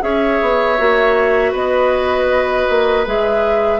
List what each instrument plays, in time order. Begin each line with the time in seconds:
0.00 bassoon C#4, clarinet G#4, oboe C#5, flute E5
0.41 bassoon B3
0.77 bassoon A#3, clarinet F#4
1.51 bassoon B3, oboe B4, flute D#5
2.69 bassoon A#3
3.05 bassoon G#3, clarinet G#4, flute E5